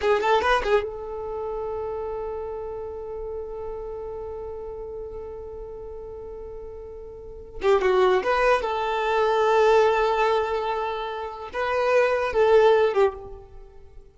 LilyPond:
\new Staff \with { instrumentName = "violin" } { \time 4/4 \tempo 4 = 146 gis'8 a'8 b'8 gis'8 a'2~ | a'1~ | a'1~ | a'1~ |
a'2~ a'8 g'8 fis'4 | b'4 a'2.~ | a'1 | b'2 a'4. g'8 | }